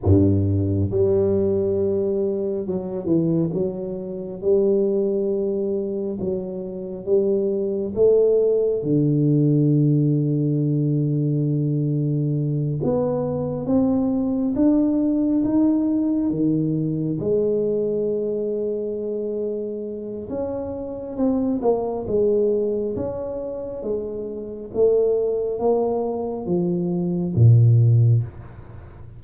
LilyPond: \new Staff \with { instrumentName = "tuba" } { \time 4/4 \tempo 4 = 68 g,4 g2 fis8 e8 | fis4 g2 fis4 | g4 a4 d2~ | d2~ d8 b4 c'8~ |
c'8 d'4 dis'4 dis4 gis8~ | gis2. cis'4 | c'8 ais8 gis4 cis'4 gis4 | a4 ais4 f4 ais,4 | }